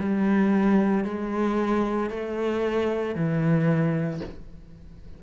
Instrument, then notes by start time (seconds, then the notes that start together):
cello
0.00 G3
1.05 G#3
2.10 A3
3.15 E3